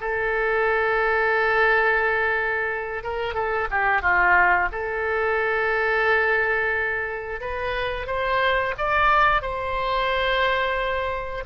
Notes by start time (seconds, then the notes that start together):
0.00 A4
3.03 A#4
3.34 A4
3.70 G4
4.01 F4
4.71 A4
7.40 B4
8.07 C5
8.77 D5
9.41 C5